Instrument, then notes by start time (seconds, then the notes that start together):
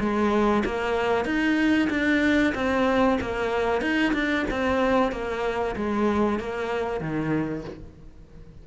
cello
0.00 G#3
0.66 A#3
1.25 D#4
1.90 D4
2.55 C4
3.21 A#3
3.82 D#4
4.14 D4
4.51 C4
5.12 A#3
5.76 G#3
6.39 A#3
7.01 D#3